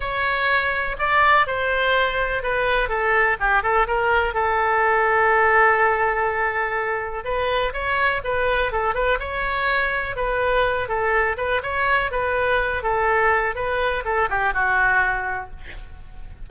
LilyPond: \new Staff \with { instrumentName = "oboe" } { \time 4/4 \tempo 4 = 124 cis''2 d''4 c''4~ | c''4 b'4 a'4 g'8 a'8 | ais'4 a'2.~ | a'2. b'4 |
cis''4 b'4 a'8 b'8 cis''4~ | cis''4 b'4. a'4 b'8 | cis''4 b'4. a'4. | b'4 a'8 g'8 fis'2 | }